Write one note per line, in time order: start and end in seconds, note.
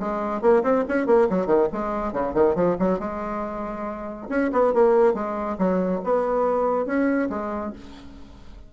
0.00 0.42 G#3
0.42 0.63 A#3
0.63 0.85 C4
0.89 1.07 C#4
1.07 1.28 A#3
1.30 1.46 F#3
1.46 1.68 D#3
1.72 2.13 G#3
2.13 2.34 C#3
2.34 2.55 D#3
2.55 2.77 F3
2.79 3.00 F#3
3.00 4.28 G#3
4.29 4.51 C#4
4.53 4.74 B3
4.74 5.14 A#3
5.14 5.57 G#3
5.59 6.01 F#3
6.04 6.86 B3
6.86 7.29 C#4
7.30 7.73 G#3